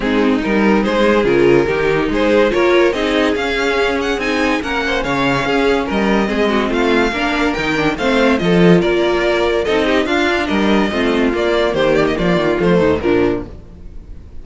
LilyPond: <<
  \new Staff \with { instrumentName = "violin" } { \time 4/4 \tempo 4 = 143 gis'4 ais'4 c''4 ais'4~ | ais'4 c''4 cis''4 dis''4 | f''4. fis''8 gis''4 fis''4 | f''2 dis''2 |
f''2 g''4 f''4 | dis''4 d''2 dis''4 | f''4 dis''2 d''4 | c''8 d''16 dis''16 d''4 c''4 ais'4 | }
  \new Staff \with { instrumentName = "violin" } { \time 4/4 dis'2 gis'2 | g'4 gis'4 ais'4 gis'4~ | gis'2. ais'8 c''8 | cis''4 gis'4 ais'4 gis'8 fis'8 |
f'4 ais'2 c''4 | a'4 ais'2 a'8 g'8 | f'4 ais'4 f'2 | g'4 f'4. dis'8 d'4 | }
  \new Staff \with { instrumentName = "viola" } { \time 4/4 c'4 dis'2 f'4 | dis'2 f'4 dis'4 | cis'2 dis'4 cis'4~ | cis'2. c'4~ |
c'4 d'4 dis'8 d'8 c'4 | f'2. dis'4 | d'2 c'4 ais4~ | ais2 a4 f4 | }
  \new Staff \with { instrumentName = "cello" } { \time 4/4 gis4 g4 gis4 cis4 | dis4 gis4 ais4 c'4 | cis'2 c'4 ais4 | cis4 cis'4 g4 gis4 |
a4 ais4 dis4 a4 | f4 ais2 c'4 | d'4 g4 a4 ais4 | dis4 f8 dis8 f8 dis,8 ais,4 | }
>>